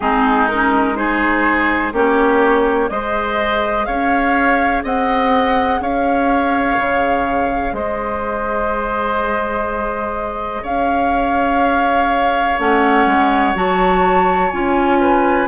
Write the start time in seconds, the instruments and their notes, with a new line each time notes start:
0.00 bassoon G#3, clarinet C4, oboe D#4, flute G#4
0.48 clarinet C#4, flute A#4
0.95 clarinet D#4, oboe G#4, flute C5
1.93 bassoon A#3, clarinet C#4, oboe G4, flute C#5
2.89 bassoon G#3, clarinet G#4, oboe C5, flute D#5
3.85 bassoon C#4, oboe C#5, flute F5
4.83 bassoon C4, oboe D#5, flute F#5
5.79 bassoon C#4, oboe C#5, flute F5
6.76 bassoon C#3
7.72 bassoon G#3, oboe C5, flute D#5
10.62 bassoon C#4, oboe C#5, flute F5
12.58 bassoon A3, clarinet C#4, flute F#5
13.05 bassoon G#3
13.54 bassoon F#3, clarinet F#4, flute A5
14.51 bassoon C#4, clarinet F4, flute G#5
15.00 oboe B4